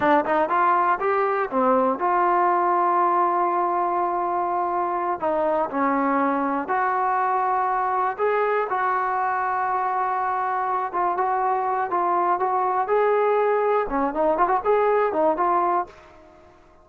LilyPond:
\new Staff \with { instrumentName = "trombone" } { \time 4/4 \tempo 4 = 121 d'8 dis'8 f'4 g'4 c'4 | f'1~ | f'2~ f'8 dis'4 cis'8~ | cis'4. fis'2~ fis'8~ |
fis'8 gis'4 fis'2~ fis'8~ | fis'2 f'8 fis'4. | f'4 fis'4 gis'2 | cis'8 dis'8 f'16 fis'16 gis'4 dis'8 f'4 | }